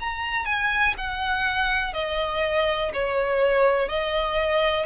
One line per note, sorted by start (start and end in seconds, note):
0.00 0.46 A#5
0.46 0.95 G#5
0.97 1.94 F#5
1.94 2.92 D#5
2.94 3.89 C#5
3.89 4.86 D#5